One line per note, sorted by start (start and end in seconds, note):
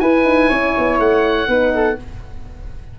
0.00 0.24 E4
0.00 1.48 E4
0.00 0.49 B4
0.00 0.99 G#5
0.24 0.49 D#4
0.49 0.76 C#4
0.49 1.48 C#5
0.78 0.99 B3
0.99 1.48 A3
0.99 1.99 F#5
1.48 1.97 B3
1.48 1.98 D#4
1.48 1.73 B4
1.75 1.99 A4